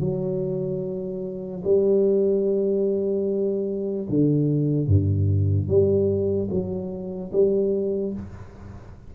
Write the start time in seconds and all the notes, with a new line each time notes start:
0.00 F#3
1.64 G3
4.09 D3
4.87 G2
5.68 G3
6.50 F#3
7.32 G3